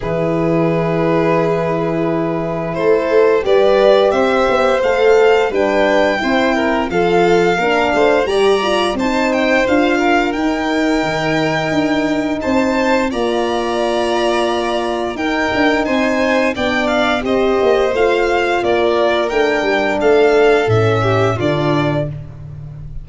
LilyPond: <<
  \new Staff \with { instrumentName = "violin" } { \time 4/4 \tempo 4 = 87 b'1 | c''4 d''4 e''4 f''4 | g''2 f''2 | ais''4 a''8 g''8 f''4 g''4~ |
g''2 a''4 ais''4~ | ais''2 g''4 gis''4 | g''8 f''8 dis''4 f''4 d''4 | g''4 f''4 e''4 d''4 | }
  \new Staff \with { instrumentName = "violin" } { \time 4/4 gis'1 | a'4 b'4 c''2 | b'4 c''8 ais'8 a'4 ais'8 c''8 | d''4 c''4. ais'4.~ |
ais'2 c''4 d''4~ | d''2 ais'4 c''4 | d''4 c''2 ais'4~ | ais'4 a'4. g'8 f'4 | }
  \new Staff \with { instrumentName = "horn" } { \time 4/4 e'1~ | e'4 g'2 a'4 | d'4 e'4 f'4 d'4 | g'8 f'8 dis'4 f'4 dis'4~ |
dis'2. f'4~ | f'2 dis'2 | d'4 g'4 f'2 | d'2 cis'4 d'4 | }
  \new Staff \with { instrumentName = "tuba" } { \time 4/4 e1 | a4 g4 c'8 b8 a4 | g4 c'4 f4 ais8 a8 | g4 c'4 d'4 dis'4 |
dis4 d'4 c'4 ais4~ | ais2 dis'8 d'8 c'4 | b4 c'8 ais8 a4 ais4 | a8 g8 a4 a,4 d4 | }
>>